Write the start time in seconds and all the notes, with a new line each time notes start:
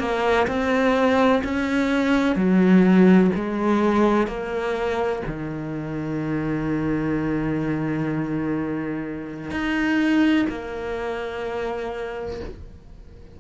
0.00 A#3
0.48 C4
1.45 C#4
2.36 F#3
3.36 G#3
4.28 A#3
5.27 D#3
9.52 D#4
10.50 A#3